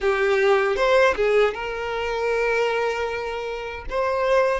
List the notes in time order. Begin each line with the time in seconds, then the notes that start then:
0.00 G4
0.76 C5
1.15 G#4
1.54 A#4
3.89 C5